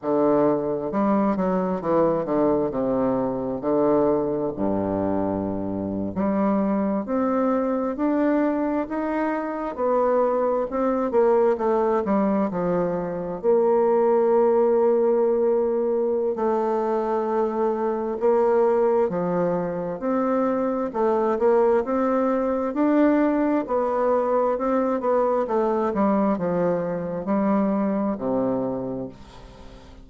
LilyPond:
\new Staff \with { instrumentName = "bassoon" } { \time 4/4 \tempo 4 = 66 d4 g8 fis8 e8 d8 c4 | d4 g,4.~ g,16 g4 c'16~ | c'8. d'4 dis'4 b4 c'16~ | c'16 ais8 a8 g8 f4 ais4~ ais16~ |
ais2 a2 | ais4 f4 c'4 a8 ais8 | c'4 d'4 b4 c'8 b8 | a8 g8 f4 g4 c4 | }